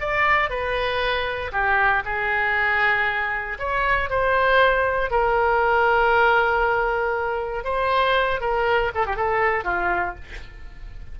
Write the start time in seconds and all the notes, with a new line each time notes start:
0.00 D5
0.50 B4
1.52 G4
2.05 G#4
3.59 C#5
4.10 C5
5.11 A#4
7.64 C5
8.40 A#4
8.94 A4
9.06 G4
9.16 A4
9.64 F4